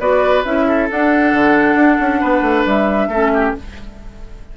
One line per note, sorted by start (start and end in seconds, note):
0.00 0.44 B3
0.00 0.44 F#4
0.00 0.66 B4
0.00 0.44 D5
0.45 0.89 C#4
0.45 0.90 E4
0.45 0.90 E5
0.67 2.21 A4
0.91 1.33 D4
0.91 3.12 D4
0.91 2.67 F#5
1.33 1.75 D3
1.75 1.97 D4
2.01 2.23 C#4
2.21 2.42 B3
2.21 3.09 B4
2.42 2.64 A3
2.66 3.08 G3
2.66 3.55 E5
3.08 3.52 A3
3.08 3.57 C#4
3.08 3.31 A4
3.34 3.56 G4